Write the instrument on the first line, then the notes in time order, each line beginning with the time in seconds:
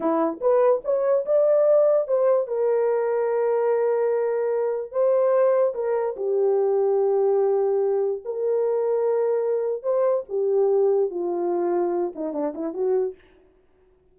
horn
0.00 E4
0.40 B4
0.84 C#5
1.25 D5
2.07 C5
2.47 A#4
4.91 C5
5.74 A#4
6.16 G4
8.25 A#4
9.82 C5
10.29 G4
11.10 F4
12.15 D#4
12.33 D4
12.54 E4
12.73 F#4